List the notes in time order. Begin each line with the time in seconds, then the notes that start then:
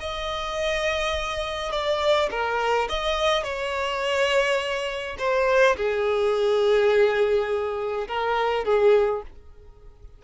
0.00 D#5
1.72 D5
2.31 A#4
2.90 D#5
3.44 C#5
5.19 C5
5.77 G#4
8.08 A#4
8.65 G#4